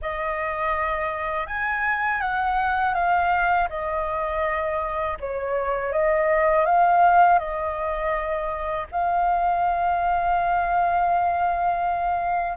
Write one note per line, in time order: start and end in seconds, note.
0.01 1.46 D#5
1.46 2.20 G#5
2.21 2.94 F#5
2.94 3.68 F5
3.69 5.17 D#5
5.20 5.92 C#5
5.92 6.65 D#5
6.65 7.38 F5
7.38 8.87 D#5
8.91 12.57 F5